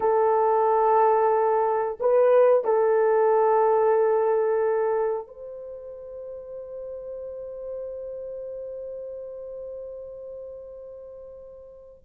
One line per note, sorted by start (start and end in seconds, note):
0.00 1.98 A4
2.00 2.64 B4
2.64 5.27 A4
5.27 12.03 C5